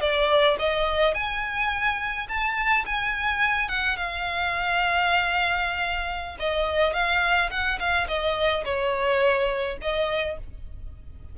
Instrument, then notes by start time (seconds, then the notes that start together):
violin
0.00 D5
0.58 D#5
1.14 G#5
2.28 A5
2.85 G#5
3.68 F#5
3.96 F5
6.39 D#5
6.93 F5
7.50 F#5
7.79 F5
8.07 D#5
8.64 C#5
9.81 D#5